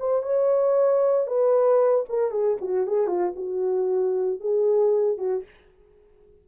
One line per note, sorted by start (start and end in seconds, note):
0.00 0.23 C5
0.23 1.27 C#5
1.27 2.06 B4
2.09 2.31 A#4
2.31 2.58 G#4
2.62 2.87 F#4
2.87 3.08 G#4
3.08 3.34 F4
3.37 4.41 F#4
4.41 5.18 G#4
5.18 5.44 F#4